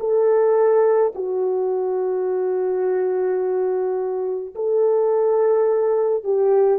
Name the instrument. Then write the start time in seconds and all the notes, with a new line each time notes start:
horn
0.00 A4
1.15 F#4
4.55 A4
6.24 G4